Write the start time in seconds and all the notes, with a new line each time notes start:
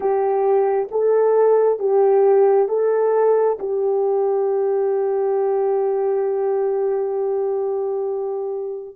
0.00 G4
0.91 A4
1.79 G4
2.68 A4
3.59 G4